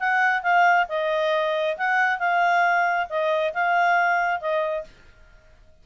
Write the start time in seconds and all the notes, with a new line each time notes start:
0.00 F#5
0.43 F5
0.89 D#5
1.77 F#5
2.19 F5
3.10 D#5
3.54 F5
4.41 D#5